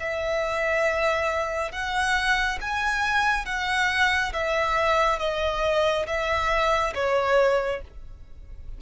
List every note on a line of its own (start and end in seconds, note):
0.00 1.72 E5
1.72 2.59 F#5
2.61 3.46 G#5
3.46 4.33 F#5
4.33 5.19 E5
5.19 6.06 D#5
6.07 6.94 E5
6.95 7.82 C#5